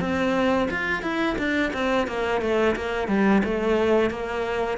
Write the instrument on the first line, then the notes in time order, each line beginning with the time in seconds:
cello
0.00 C4
0.71 F4
1.02 E4
1.38 D4
1.73 C4
2.07 A#3
2.41 A3
2.76 A#3
3.08 G3
3.44 A3
4.10 A#3